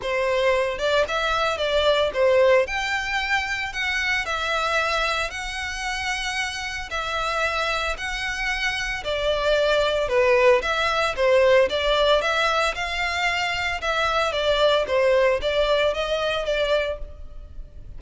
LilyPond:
\new Staff \with { instrumentName = "violin" } { \time 4/4 \tempo 4 = 113 c''4. d''8 e''4 d''4 | c''4 g''2 fis''4 | e''2 fis''2~ | fis''4 e''2 fis''4~ |
fis''4 d''2 b'4 | e''4 c''4 d''4 e''4 | f''2 e''4 d''4 | c''4 d''4 dis''4 d''4 | }